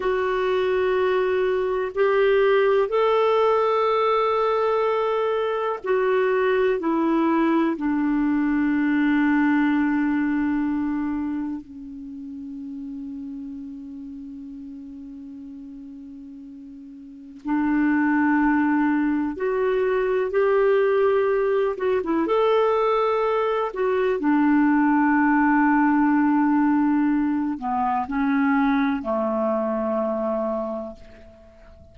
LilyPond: \new Staff \with { instrumentName = "clarinet" } { \time 4/4 \tempo 4 = 62 fis'2 g'4 a'4~ | a'2 fis'4 e'4 | d'1 | cis'1~ |
cis'2 d'2 | fis'4 g'4. fis'16 e'16 a'4~ | a'8 fis'8 d'2.~ | d'8 b8 cis'4 a2 | }